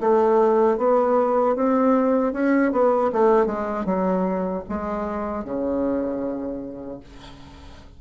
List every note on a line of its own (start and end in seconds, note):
0.00 0.77 A3
0.77 1.55 B3
1.55 2.32 C4
2.32 2.71 C#4
2.72 3.11 B3
3.12 3.46 A3
3.46 3.85 G#3
3.85 4.63 F#3
4.69 5.44 G#3
5.44 7.00 C#3